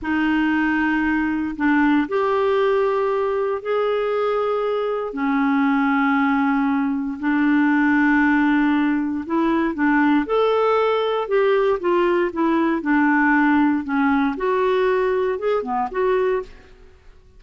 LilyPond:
\new Staff \with { instrumentName = "clarinet" } { \time 4/4 \tempo 4 = 117 dis'2. d'4 | g'2. gis'4~ | gis'2 cis'2~ | cis'2 d'2~ |
d'2 e'4 d'4 | a'2 g'4 f'4 | e'4 d'2 cis'4 | fis'2 gis'8 b8 fis'4 | }